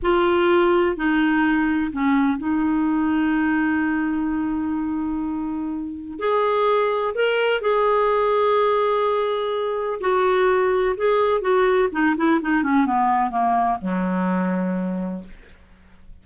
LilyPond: \new Staff \with { instrumentName = "clarinet" } { \time 4/4 \tempo 4 = 126 f'2 dis'2 | cis'4 dis'2.~ | dis'1~ | dis'4 gis'2 ais'4 |
gis'1~ | gis'4 fis'2 gis'4 | fis'4 dis'8 e'8 dis'8 cis'8 b4 | ais4 fis2. | }